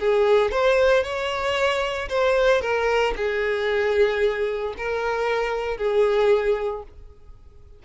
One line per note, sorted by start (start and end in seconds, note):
0.00 0.52 G#4
0.52 1.04 C5
1.04 2.09 C#5
2.09 2.61 C5
2.61 3.14 A#4
3.17 4.75 G#4
4.78 5.78 A#4
5.78 6.83 G#4